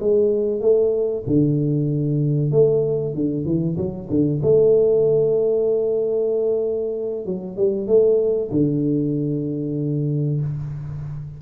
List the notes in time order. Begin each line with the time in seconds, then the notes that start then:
0.00 G#3
0.61 A3
1.27 D3
2.52 A3
3.14 D3
3.45 E3
3.77 F#3
4.10 D3
4.43 A3
7.26 F#3
7.57 G3
7.87 A3
8.51 D3